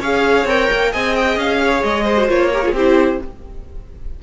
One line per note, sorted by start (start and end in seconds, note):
0.00 0.45 C#4
0.00 0.48 G#4
0.00 0.91 C#5
0.00 0.48 F5
0.45 0.68 C4
0.45 0.93 A#4
0.45 0.93 G5
0.72 0.94 A#3
0.92 1.37 C4
0.92 2.17 G#4
0.92 1.60 D#5
0.92 1.15 G#5
1.15 1.38 G5
1.37 1.82 C#4
1.37 1.83 F5
1.64 2.04 C#5
1.83 2.29 G#3
1.83 2.29 D#5
2.04 2.49 C5
2.17 2.28 F#4
2.28 2.72 A#3
2.28 2.51 F4
2.28 2.75 C#5
2.53 2.63 G4
2.53 2.65 A#4
2.63 2.75 F4
2.63 2.74 G#4
2.72 3.18 C4
2.72 3.23 E4
2.72 3.20 G4
2.72 3.22 C5